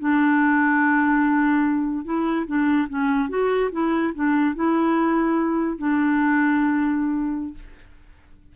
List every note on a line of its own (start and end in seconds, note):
0.00 2.05 D4
2.05 2.46 E4
2.47 2.88 D4
2.89 3.29 C#4
3.29 3.71 F#4
3.72 4.13 E4
4.15 4.55 D4
4.55 5.78 E4
5.78 7.54 D4